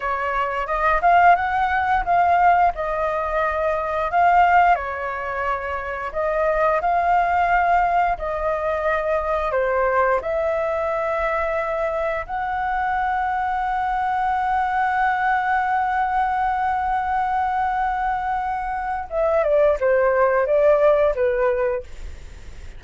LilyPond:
\new Staff \with { instrumentName = "flute" } { \time 4/4 \tempo 4 = 88 cis''4 dis''8 f''8 fis''4 f''4 | dis''2 f''4 cis''4~ | cis''4 dis''4 f''2 | dis''2 c''4 e''4~ |
e''2 fis''2~ | fis''1~ | fis''1 | e''8 d''8 c''4 d''4 b'4 | }